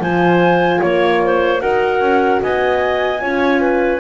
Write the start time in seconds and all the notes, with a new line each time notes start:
0.00 F3 F4 C5 G#5
0.82 A#3 C#5
1.24 C5
1.59 D#4 F#4 A#4 F#5
2.01 C#4
2.42 B3 D#5 G#5
3.21 C#4 F4 C#5
3.61 B4